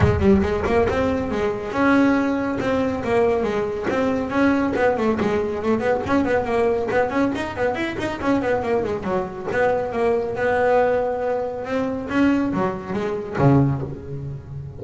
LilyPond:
\new Staff \with { instrumentName = "double bass" } { \time 4/4 \tempo 4 = 139 gis8 g8 gis8 ais8 c'4 gis4 | cis'2 c'4 ais4 | gis4 c'4 cis'4 b8 a8 | gis4 a8 b8 cis'8 b8 ais4 |
b8 cis'8 dis'8 b8 e'8 dis'8 cis'8 b8 | ais8 gis8 fis4 b4 ais4 | b2. c'4 | cis'4 fis4 gis4 cis4 | }